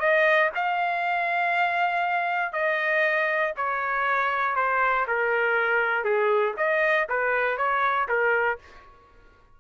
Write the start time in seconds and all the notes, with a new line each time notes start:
0.00 D#5
0.55 F5
2.53 D#5
3.57 C#5
4.56 C5
5.08 A#4
6.04 G#4
6.57 D#5
7.09 B4
7.58 C#5
8.09 A#4